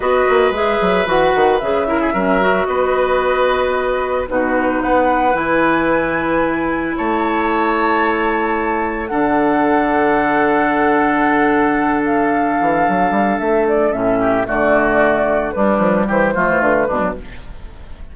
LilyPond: <<
  \new Staff \with { instrumentName = "flute" } { \time 4/4 \tempo 4 = 112 dis''4 e''4 fis''4 e''4~ | e''4 dis''2. | b'4 fis''4 gis''2~ | gis''4 a''2.~ |
a''4 fis''2.~ | fis''2~ fis''8 f''4.~ | f''4 e''8 d''8 e''4 d''4~ | d''4 b'4 c''4 b'4 | }
  \new Staff \with { instrumentName = "oboe" } { \time 4/4 b'2.~ b'8 ais'16 gis'16 | ais'4 b'2. | fis'4 b'2.~ | b'4 cis''2.~ |
cis''4 a'2.~ | a'1~ | a'2~ a'8 g'8 fis'4~ | fis'4 d'4 g'8 f'4 d'8 | }
  \new Staff \with { instrumentName = "clarinet" } { \time 4/4 fis'4 gis'4 fis'4 gis'8 e'8 | cis'8 fis'2.~ fis'8 | dis'2 e'2~ | e'1~ |
e'4 d'2.~ | d'1~ | d'2 cis'4 a4~ | a4 g4. a4 gis16 fis16 | }
  \new Staff \with { instrumentName = "bassoon" } { \time 4/4 b8 ais8 gis8 fis8 e8 dis8 cis4 | fis4 b2. | b,4 b4 e2~ | e4 a2.~ |
a4 d2.~ | d2.~ d8 e8 | fis8 g8 a4 a,4 d4~ | d4 g8 f8 e8 f16 e16 d8 b,8 | }
>>